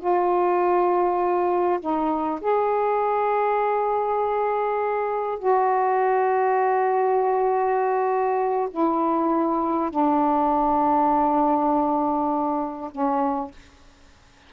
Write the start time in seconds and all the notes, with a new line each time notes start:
0.00 F4
1.81 D#4
2.41 G#4
5.39 F#4
8.71 E4
9.91 D4
12.92 C#4